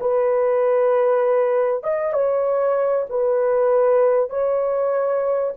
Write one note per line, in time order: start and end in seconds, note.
0.00 1.83 B4
1.83 2.13 D#5
2.13 3.06 C#5
3.09 4.30 B4
4.30 5.54 C#5